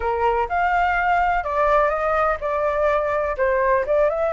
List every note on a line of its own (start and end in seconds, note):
0.00 0.48 A#4
0.48 1.44 F5
1.44 1.89 D5
1.89 2.37 D#5
2.40 3.36 D5
3.37 3.85 C5
3.86 4.09 D5
4.09 4.32 E5